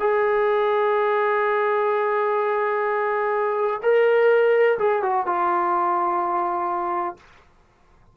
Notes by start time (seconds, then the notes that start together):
0.00 G#4
3.83 A#4
4.79 G#4
5.03 F#4
5.26 F4